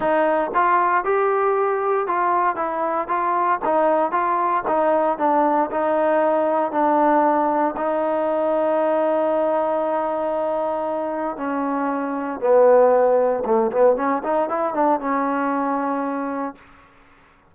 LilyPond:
\new Staff \with { instrumentName = "trombone" } { \time 4/4 \tempo 4 = 116 dis'4 f'4 g'2 | f'4 e'4 f'4 dis'4 | f'4 dis'4 d'4 dis'4~ | dis'4 d'2 dis'4~ |
dis'1~ | dis'2 cis'2 | b2 a8 b8 cis'8 dis'8 | e'8 d'8 cis'2. | }